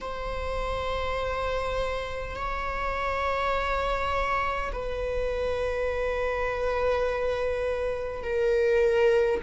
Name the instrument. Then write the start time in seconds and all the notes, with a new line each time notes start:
viola
0.00 C5
2.36 C#5
4.72 B4
8.23 A#4